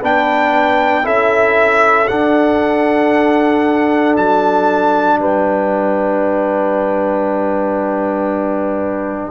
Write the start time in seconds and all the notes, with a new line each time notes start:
0.00 B3 D4 B4 G5
1.03 C#4 E4 A4 E5
2.07 D4 F#5
4.16 F#3 A5
5.18 G3 B4 G5